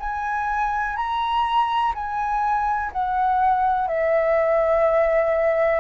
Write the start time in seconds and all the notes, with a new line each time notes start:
0.00 G#5
0.96 A#5
1.94 G#5
2.93 F#5
3.88 E5